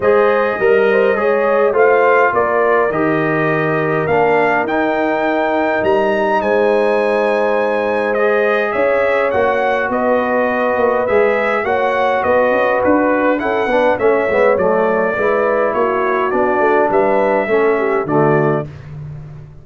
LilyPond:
<<
  \new Staff \with { instrumentName = "trumpet" } { \time 4/4 \tempo 4 = 103 dis''2. f''4 | d''4 dis''2 f''4 | g''2 ais''4 gis''4~ | gis''2 dis''4 e''4 |
fis''4 dis''2 e''4 | fis''4 dis''4 b'4 fis''4 | e''4 d''2 cis''4 | d''4 e''2 d''4 | }
  \new Staff \with { instrumentName = "horn" } { \time 4/4 c''4 ais'8 c''8 cis''4 c''4 | ais'1~ | ais'2. c''4~ | c''2. cis''4~ |
cis''4 b'2. | cis''4 b'2 a'8 b'8 | cis''2 b'4 fis'4~ | fis'4 b'4 a'8 g'8 fis'4 | }
  \new Staff \with { instrumentName = "trombone" } { \time 4/4 gis'4 ais'4 gis'4 f'4~ | f'4 g'2 d'4 | dis'1~ | dis'2 gis'2 |
fis'2. gis'4 | fis'2. e'8 d'8 | cis'8 b8 a4 e'2 | d'2 cis'4 a4 | }
  \new Staff \with { instrumentName = "tuba" } { \time 4/4 gis4 g4 gis4 a4 | ais4 dis2 ais4 | dis'2 g4 gis4~ | gis2. cis'4 |
ais4 b4. ais8 gis4 | ais4 b8 cis'8 d'4 cis'8 b8 | a8 gis8 fis4 gis4 ais4 | b8 a8 g4 a4 d4 | }
>>